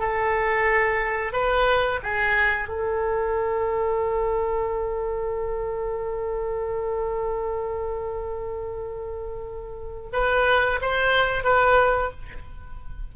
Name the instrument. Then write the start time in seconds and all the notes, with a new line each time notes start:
oboe
0.00 A4
1.33 B4
2.04 G#4
2.69 A4
10.13 B4
10.82 C5
11.44 B4